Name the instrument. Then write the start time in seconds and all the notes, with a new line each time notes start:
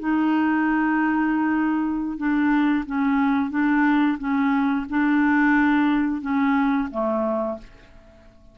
clarinet
0.00 D#4
2.18 D4
2.86 C#4
3.51 D4
4.19 C#4
4.90 D4
6.22 C#4
6.91 A3